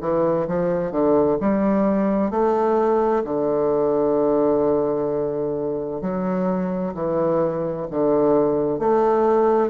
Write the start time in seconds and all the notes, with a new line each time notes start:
0.00 E3
0.47 F3
0.91 D3
1.40 G3
2.30 A3
3.24 D3
6.01 F#3
6.94 E3
7.90 D3
8.79 A3